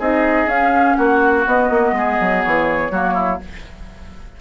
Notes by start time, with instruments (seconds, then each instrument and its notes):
0.00 bassoon C4, clarinet D#4, oboe G#4, flute D#5
0.47 bassoon C#4, clarinet C#4, flute F5
0.96 bassoon A#3, oboe F#4, flute F#5
1.46 clarinet B3, bassoon B3, flute D#5
1.70 bassoon A#3
1.93 bassoon G#3, oboe G#4
2.21 bassoon F#3
2.43 bassoon E3, flute C#5
2.91 bassoon F#3, clarinet A#3, oboe F#4
3.14 oboe E4